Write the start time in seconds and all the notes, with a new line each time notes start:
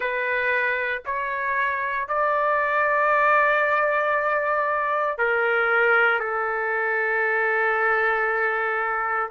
0.00 B4
1.05 C#5
2.08 D5
5.17 A#4
6.19 A4